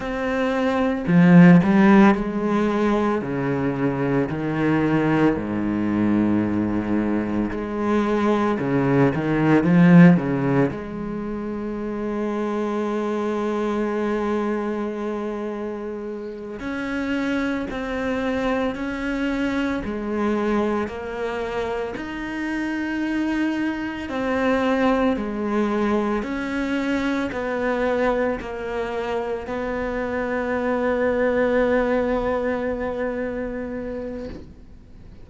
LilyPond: \new Staff \with { instrumentName = "cello" } { \time 4/4 \tempo 4 = 56 c'4 f8 g8 gis4 cis4 | dis4 gis,2 gis4 | cis8 dis8 f8 cis8 gis2~ | gis2.~ gis8 cis'8~ |
cis'8 c'4 cis'4 gis4 ais8~ | ais8 dis'2 c'4 gis8~ | gis8 cis'4 b4 ais4 b8~ | b1 | }